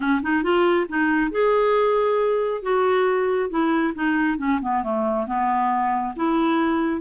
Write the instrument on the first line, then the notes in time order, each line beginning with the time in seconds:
clarinet
0.00 C#4
0.22 D#4
0.43 F4
0.88 D#4
1.31 G#4
2.62 F#4
3.49 E4
3.94 D#4
4.38 C#4
4.61 B3
4.83 A3
5.26 B3
6.15 E4